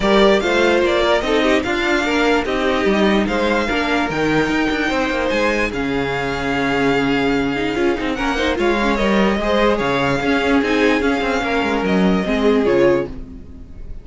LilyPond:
<<
  \new Staff \with { instrumentName = "violin" } { \time 4/4 \tempo 4 = 147 d''4 f''4 d''4 dis''4 | f''2 dis''2 | f''2 g''2~ | g''4 gis''4 f''2~ |
f''1 | fis''4 f''4 dis''2 | f''2 gis''4 f''4~ | f''4 dis''2 cis''4 | }
  \new Staff \with { instrumentName = "violin" } { \time 4/4 ais'4 c''4. ais'8 a'8 g'8 | f'4 ais'4 g'2 | c''4 ais'2. | c''2 gis'2~ |
gis'1 | ais'8 c''8 cis''2 c''4 | cis''4 gis'2. | ais'2 gis'2 | }
  \new Staff \with { instrumentName = "viola" } { \time 4/4 g'4 f'2 dis'4 | d'2 dis'2~ | dis'4 d'4 dis'2~ | dis'2 cis'2~ |
cis'2~ cis'8 dis'8 f'8 dis'8 | cis'8 dis'8 f'8 cis'8 ais'4 gis'4~ | gis'4 cis'4 dis'4 cis'4~ | cis'2 c'4 f'4 | }
  \new Staff \with { instrumentName = "cello" } { \time 4/4 g4 a4 ais4 c'4 | d'4 ais4 c'4 g4 | gis4 ais4 dis4 dis'8 d'8 | c'8 ais8 gis4 cis2~ |
cis2. cis'8 c'8 | ais4 gis4 g4 gis4 | cis4 cis'4 c'4 cis'8 c'8 | ais8 gis8 fis4 gis4 cis4 | }
>>